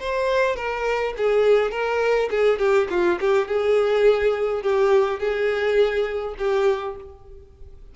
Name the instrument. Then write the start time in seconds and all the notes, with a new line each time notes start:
violin
0.00 C5
0.56 A#4
1.17 G#4
1.71 A#4
2.30 G#4
2.58 G4
2.90 F4
3.20 G4
3.47 G#4
4.62 G4
5.19 G#4
6.38 G4